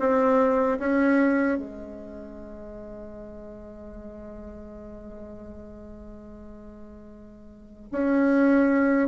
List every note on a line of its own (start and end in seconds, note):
0.00 0.79 C4
0.79 1.58 C#4
1.58 7.89 G#3
7.92 9.09 C#4